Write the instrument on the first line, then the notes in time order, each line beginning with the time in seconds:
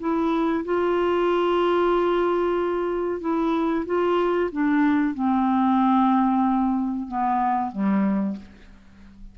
clarinet
0.00 E4
0.65 F4
3.21 E4
3.86 F4
4.52 D4
5.15 C4
7.08 B3
7.72 G3